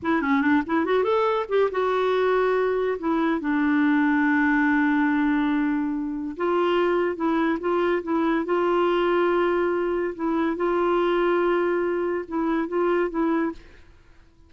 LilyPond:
\new Staff \with { instrumentName = "clarinet" } { \time 4/4 \tempo 4 = 142 e'8 cis'8 d'8 e'8 fis'8 a'4 g'8 | fis'2. e'4 | d'1~ | d'2. f'4~ |
f'4 e'4 f'4 e'4 | f'1 | e'4 f'2.~ | f'4 e'4 f'4 e'4 | }